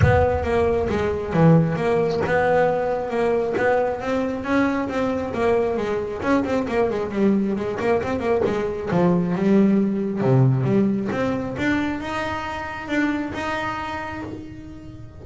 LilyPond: \new Staff \with { instrumentName = "double bass" } { \time 4/4 \tempo 4 = 135 b4 ais4 gis4 e4 | ais4 b2 ais4 | b4 c'4 cis'4 c'4 | ais4 gis4 cis'8 c'8 ais8 gis8 |
g4 gis8 ais8 c'8 ais8 gis4 | f4 g2 c4 | g4 c'4 d'4 dis'4~ | dis'4 d'4 dis'2 | }